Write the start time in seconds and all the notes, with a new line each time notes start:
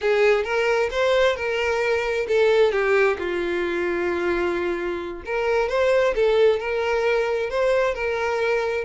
0.01 G#4
0.44 A#4
0.90 C5
1.35 A#4
2.27 A4
2.71 G4
3.18 F4
5.25 A#4
5.68 C5
6.15 A4
6.59 A#4
7.50 C5
7.94 A#4